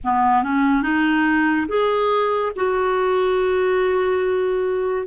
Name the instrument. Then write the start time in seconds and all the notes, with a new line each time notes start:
clarinet
0.04 B3
0.43 C#4
0.82 D#4
1.67 G#4
2.55 F#4